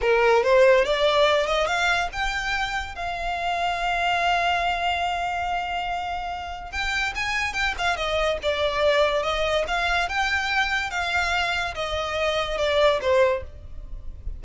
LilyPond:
\new Staff \with { instrumentName = "violin" } { \time 4/4 \tempo 4 = 143 ais'4 c''4 d''4. dis''8 | f''4 g''2 f''4~ | f''1~ | f''1 |
g''4 gis''4 g''8 f''8 dis''4 | d''2 dis''4 f''4 | g''2 f''2 | dis''2 d''4 c''4 | }